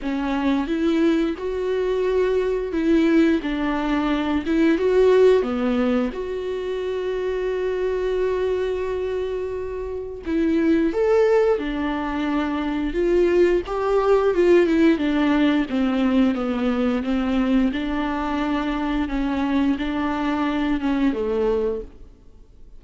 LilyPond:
\new Staff \with { instrumentName = "viola" } { \time 4/4 \tempo 4 = 88 cis'4 e'4 fis'2 | e'4 d'4. e'8 fis'4 | b4 fis'2.~ | fis'2. e'4 |
a'4 d'2 f'4 | g'4 f'8 e'8 d'4 c'4 | b4 c'4 d'2 | cis'4 d'4. cis'8 a4 | }